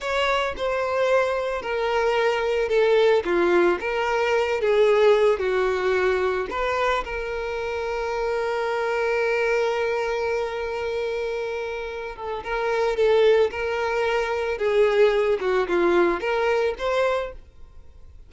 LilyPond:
\new Staff \with { instrumentName = "violin" } { \time 4/4 \tempo 4 = 111 cis''4 c''2 ais'4~ | ais'4 a'4 f'4 ais'4~ | ais'8 gis'4. fis'2 | b'4 ais'2.~ |
ais'1~ | ais'2~ ais'8 a'8 ais'4 | a'4 ais'2 gis'4~ | gis'8 fis'8 f'4 ais'4 c''4 | }